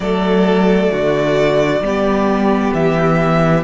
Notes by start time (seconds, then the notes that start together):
0.00 F#3 A3 A4 D5
0.91 D3 F#4
1.80 G3 B3 G4
2.73 E3 E5